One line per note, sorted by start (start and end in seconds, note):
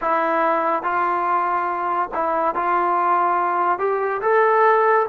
0.01 0.83 E4
0.83 2.09 F4
2.14 2.54 E4
2.54 3.78 F4
3.78 4.21 G4
4.21 5.06 A4